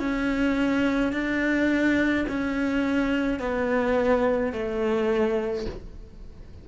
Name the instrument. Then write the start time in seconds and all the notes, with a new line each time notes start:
cello
0.00 C#4
1.13 D4
2.30 C#4
3.40 B3
4.53 A3